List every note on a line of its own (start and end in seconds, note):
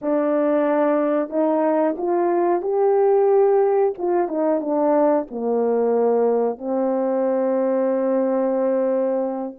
0.01 1.29 D4
1.29 1.95 D#4
1.98 2.61 F4
2.61 3.93 G4
3.98 4.27 F4
4.27 4.60 D#4
4.60 5.26 D4
5.30 6.58 A#3
6.58 9.54 C4